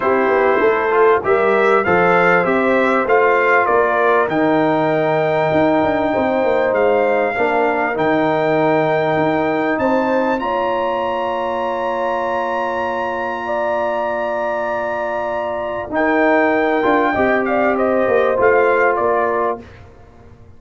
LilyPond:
<<
  \new Staff \with { instrumentName = "trumpet" } { \time 4/4 \tempo 4 = 98 c''2 e''4 f''4 | e''4 f''4 d''4 g''4~ | g''2. f''4~ | f''4 g''2. |
a''4 ais''2.~ | ais''1~ | ais''2 g''2~ | g''8 f''8 dis''4 f''4 d''4 | }
  \new Staff \with { instrumentName = "horn" } { \time 4/4 g'4 a'4 ais'4 c''4~ | c''2 ais'2~ | ais'2 c''2 | ais'1 |
c''4 cis''2.~ | cis''2 d''2~ | d''2 ais'2 | dis''8 d''8 c''2 ais'4 | }
  \new Staff \with { instrumentName = "trombone" } { \time 4/4 e'4. f'8 g'4 a'4 | g'4 f'2 dis'4~ | dis'1 | d'4 dis'2.~ |
dis'4 f'2.~ | f'1~ | f'2 dis'4. f'8 | g'2 f'2 | }
  \new Staff \with { instrumentName = "tuba" } { \time 4/4 c'8 b8 a4 g4 f4 | c'4 a4 ais4 dis4~ | dis4 dis'8 d'8 c'8 ais8 gis4 | ais4 dis2 dis'4 |
c'4 ais2.~ | ais1~ | ais2 dis'4. d'8 | c'4. ais8 a4 ais4 | }
>>